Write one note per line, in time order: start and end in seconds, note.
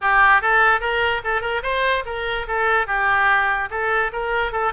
0.01 0.41 G4
0.41 0.80 A4
0.80 1.21 A#4
1.24 1.41 A4
1.41 1.61 A#4
1.63 2.04 C5
2.05 2.46 A#4
2.47 2.87 A4
2.87 3.69 G4
3.70 4.11 A4
4.12 4.52 A#4
4.52 4.72 A4